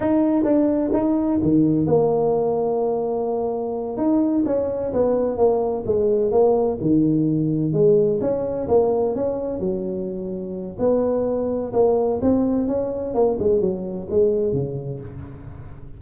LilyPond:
\new Staff \with { instrumentName = "tuba" } { \time 4/4 \tempo 4 = 128 dis'4 d'4 dis'4 dis4 | ais1~ | ais8 dis'4 cis'4 b4 ais8~ | ais8 gis4 ais4 dis4.~ |
dis8 gis4 cis'4 ais4 cis'8~ | cis'8 fis2~ fis8 b4~ | b4 ais4 c'4 cis'4 | ais8 gis8 fis4 gis4 cis4 | }